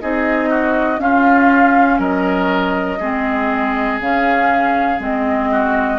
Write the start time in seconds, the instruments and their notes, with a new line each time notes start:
0.00 bassoon C4, clarinet D#4, oboe G#4, flute D#5
0.49 oboe F#4
0.98 clarinet C#4, bassoon C#4, oboe F4, flute F5
1.98 bassoon F#3, oboe A#4, flute D#5
2.99 bassoon G#3, clarinet C4, oboe G#4
4.00 bassoon C#3, clarinet C#4, flute F5
4.99 bassoon G#3, clarinet C4, flute D#5
5.51 oboe F#4